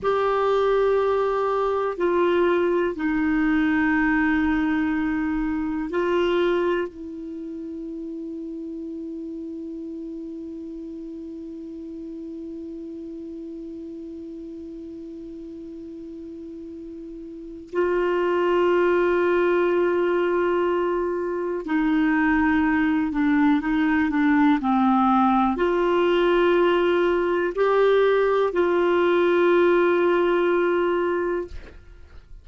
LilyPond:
\new Staff \with { instrumentName = "clarinet" } { \time 4/4 \tempo 4 = 61 g'2 f'4 dis'4~ | dis'2 f'4 e'4~ | e'1~ | e'1~ |
e'2 f'2~ | f'2 dis'4. d'8 | dis'8 d'8 c'4 f'2 | g'4 f'2. | }